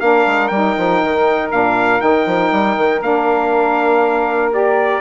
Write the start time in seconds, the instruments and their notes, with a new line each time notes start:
0.00 bassoon A#3, saxophone D4 A#4, trumpet F5
0.26 bassoon G#3
0.48 bassoon G3, saxophone D#4, trumpet G5
0.78 bassoon F3
1.03 bassoon D#3
1.51 bassoon A#2, saxophone D4, trumpet F5
1.99 bassoon D#3, saxophone D#4, trumpet G5
2.26 bassoon F3
2.52 bassoon G3
2.77 bassoon D#3
3.02 bassoon A#3, saxophone D4, trumpet F5
4.51 saxophone G4, trumpet D5